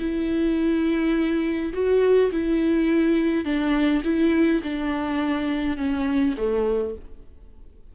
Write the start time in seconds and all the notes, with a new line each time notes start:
0.00 E4
1.73 F#4
2.32 E4
3.45 D4
4.04 E4
4.64 D4
5.77 C#4
6.38 A3